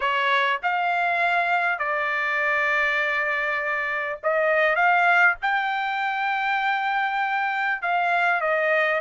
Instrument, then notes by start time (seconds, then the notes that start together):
trumpet
0.00 C#5
0.62 F5
1.78 D5
4.23 D#5
4.75 F5
5.42 G5
7.82 F5
8.40 D#5